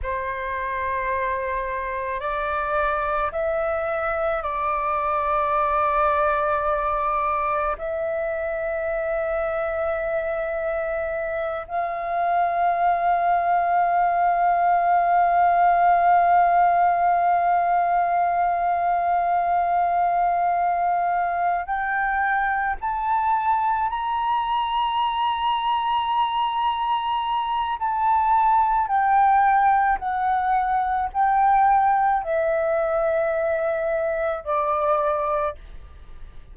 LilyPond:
\new Staff \with { instrumentName = "flute" } { \time 4/4 \tempo 4 = 54 c''2 d''4 e''4 | d''2. e''4~ | e''2~ e''8 f''4.~ | f''1~ |
f''2.~ f''8 g''8~ | g''8 a''4 ais''2~ ais''8~ | ais''4 a''4 g''4 fis''4 | g''4 e''2 d''4 | }